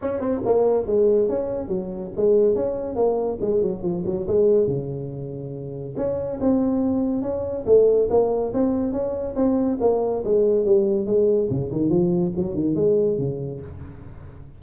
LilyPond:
\new Staff \with { instrumentName = "tuba" } { \time 4/4 \tempo 4 = 141 cis'8 c'8 ais4 gis4 cis'4 | fis4 gis4 cis'4 ais4 | gis8 fis8 f8 fis8 gis4 cis4~ | cis2 cis'4 c'4~ |
c'4 cis'4 a4 ais4 | c'4 cis'4 c'4 ais4 | gis4 g4 gis4 cis8 dis8 | f4 fis8 dis8 gis4 cis4 | }